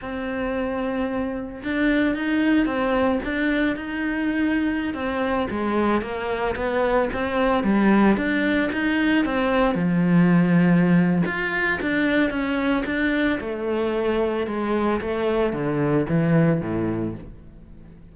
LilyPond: \new Staff \with { instrumentName = "cello" } { \time 4/4 \tempo 4 = 112 c'2. d'4 | dis'4 c'4 d'4 dis'4~ | dis'4~ dis'16 c'4 gis4 ais8.~ | ais16 b4 c'4 g4 d'8.~ |
d'16 dis'4 c'4 f4.~ f16~ | f4 f'4 d'4 cis'4 | d'4 a2 gis4 | a4 d4 e4 a,4 | }